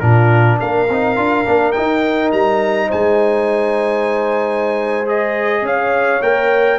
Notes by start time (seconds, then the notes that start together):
0.00 A#2 D4 F4 A#4
0.59 A#3 A#4 F5
0.89 C4 D#4
1.16 D4 F4
1.45 A#3 D4
1.72 D#4 G5
2.32 G3 A#5
2.88 G#3 C5 G#5
5.06 G#4 D#5
5.62 C#4 C#5 F5
6.22 A#3 A#4 G5